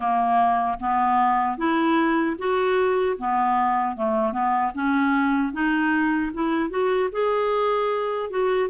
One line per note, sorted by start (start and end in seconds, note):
0.00 0.78 A#3
0.80 1.57 B3
1.57 2.36 E4
2.38 3.17 F#4
3.18 3.96 B3
3.96 4.32 A3
4.32 4.72 B3
4.74 5.52 C#4
5.52 6.31 D#4
6.33 6.70 E4
6.70 7.09 F#4
7.12 8.30 G#4
8.30 8.69 F#4